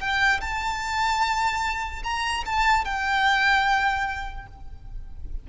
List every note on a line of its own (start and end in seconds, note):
0.00 0.41 G5
0.41 2.03 A5
2.04 2.44 A#5
2.46 2.85 A5
2.85 4.47 G5